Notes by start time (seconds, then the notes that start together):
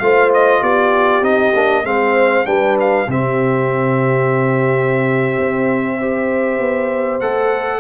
0.00 A3 F4 C5 F5
0.34 D#5
0.62 B3 G4 D5
1.22 C4 D#4 D#5
1.54 A#3 D4
1.84 G#3 C4 C5 F5
2.45 G3 D4 B4 G5
2.80 F5
3.08 C3 C4 G4 E5
5.39 C4
6.00 G4 C5
6.60 B3
7.21 A3 A4 F#5